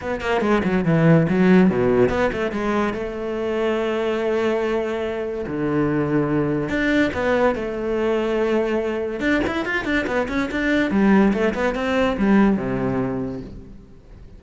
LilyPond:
\new Staff \with { instrumentName = "cello" } { \time 4/4 \tempo 4 = 143 b8 ais8 gis8 fis8 e4 fis4 | b,4 b8 a8 gis4 a4~ | a1~ | a4 d2. |
d'4 b4 a2~ | a2 d'8 e'8 f'8 d'8 | b8 cis'8 d'4 g4 a8 b8 | c'4 g4 c2 | }